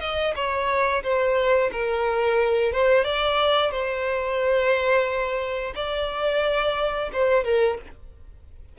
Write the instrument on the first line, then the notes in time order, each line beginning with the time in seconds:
violin
0.00 D#5
0.35 C#5
1.03 C5
1.72 A#4
2.72 C5
3.04 D5
3.71 C5
5.75 D5
7.13 C5
7.44 A#4